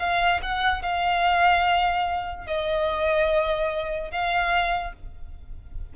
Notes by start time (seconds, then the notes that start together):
0.00 F5
0.43 F#5
0.83 F5
2.47 D#5
4.11 F5